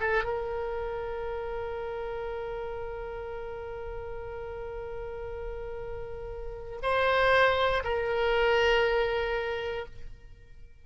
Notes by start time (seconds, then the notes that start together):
0.00 A4
0.24 A#4
6.83 C5
7.84 A#4